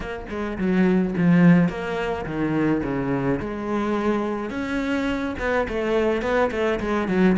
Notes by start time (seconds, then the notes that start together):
0.00 A#3
0.29 G#3
0.58 F#3
1.17 F3
1.68 A#3
2.25 D#3
2.83 C#3
3.40 G#3
4.50 C#4
5.39 B3
5.68 A3
6.22 B3
6.51 A3
6.80 G#3
7.08 F#3